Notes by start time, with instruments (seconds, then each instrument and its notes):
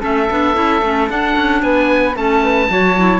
0.00 cello A3, clarinet C#4, flute A4, oboe E5
0.30 cello B3, clarinet D4
0.54 cello C#4, clarinet E4
0.82 cello A3, clarinet C#4
1.09 clarinet D4, cello D4, oboe F#5
1.36 cello C#4
1.62 cello B3, flute B4, oboe G#5
2.15 cello A3, clarinet C#4, flute A4, oboe A5
2.43 flute B4
2.69 cello F#3, clarinet F#4, flute C#5
2.97 clarinet E4